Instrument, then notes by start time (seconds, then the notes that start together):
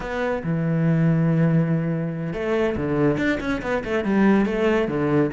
cello
0.00 B3
0.43 E3
2.33 A3
2.76 D3
3.17 D4
3.40 C#4
3.62 B3
3.84 A3
4.04 G3
4.45 A3
4.88 D3